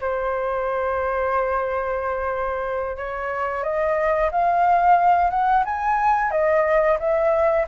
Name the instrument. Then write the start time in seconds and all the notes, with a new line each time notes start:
flute
0.00 C5
2.97 C#5
3.64 D#5
4.32 F5
5.30 F#5
5.65 G#5
6.31 D#5
7.00 E5